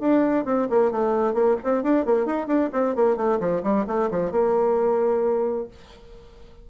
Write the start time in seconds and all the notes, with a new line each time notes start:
0.00 D4
0.45 C4
0.70 A#3
0.92 A3
1.34 A#3
1.64 C4
1.83 D4
2.06 A#3
2.26 D#4
2.47 D4
2.73 C4
2.95 A#3
3.17 A3
3.40 F3
3.63 G3
3.87 A3
4.11 F3
4.32 A#3